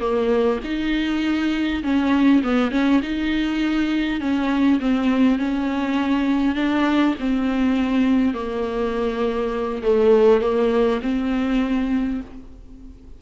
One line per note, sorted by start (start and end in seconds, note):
0.00 0.59 A#3
0.64 1.83 D#4
1.83 2.42 C#4
2.43 2.71 B3
2.71 3.01 C#4
3.02 4.20 D#4
4.20 4.80 C#4
4.80 5.39 C4
5.39 6.55 C#4
6.55 7.15 D4
7.20 8.34 C4
8.34 9.82 A#3
9.83 10.41 A3
10.41 11.00 A#3
11.02 12.21 C4